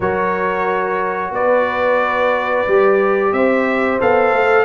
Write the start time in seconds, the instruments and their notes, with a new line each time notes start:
0.00 tuba F#3, trombone F#4, horn A#4, trumpet C#5
1.30 tuba B3, horn B4, trumpet D5
2.67 tuba G3, trombone G4
3.32 tuba C4, horn C5, trumpet E5
4.00 tuba B3, trombone A4, trumpet F5
4.32 tuba A3